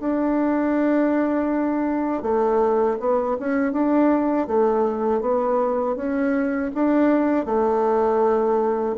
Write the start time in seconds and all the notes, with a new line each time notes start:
0.00 D4
2.22 A3
2.99 B3
3.40 C#4
3.73 D4
4.47 A3
5.21 B3
5.96 C#4
6.74 D4
7.46 A3